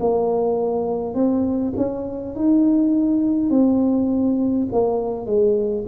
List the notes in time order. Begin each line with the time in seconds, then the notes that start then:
0.00 A#3
1.15 C4
1.77 C#4
2.35 D#4
3.50 C4
4.72 A#3
5.26 G#3